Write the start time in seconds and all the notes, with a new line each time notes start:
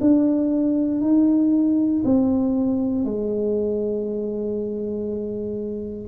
0.00 D4
1.01 D#4
2.04 C4
3.05 G#3